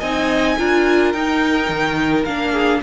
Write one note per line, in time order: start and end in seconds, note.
0.00 0.58 C4
0.00 0.59 D#4
0.00 0.56 D#5
0.00 1.13 G#5
0.59 1.14 D4
0.59 1.15 F4
0.59 2.52 A#4
1.13 1.69 D#4
1.13 2.27 D#4
1.13 2.25 G5
1.69 2.25 D#3
2.25 2.82 A#3
2.25 2.84 D4
2.25 2.81 F5
2.52 2.80 G#4